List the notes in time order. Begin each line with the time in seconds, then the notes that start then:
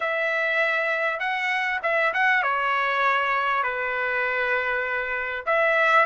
0.00 E5
1.19 F#5
1.82 E5
2.13 F#5
2.42 C#5
3.63 B4
5.45 E5